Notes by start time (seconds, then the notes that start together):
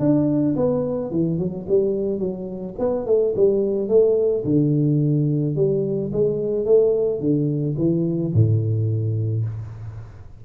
0.00 D4
0.56 B3
1.11 E3
1.39 F#3
1.68 G3
2.19 F#3
2.79 B3
3.06 A3
3.36 G3
3.89 A3
4.45 D3
5.56 G3
6.13 G#3
6.65 A3
7.20 D3
7.78 E3
8.34 A2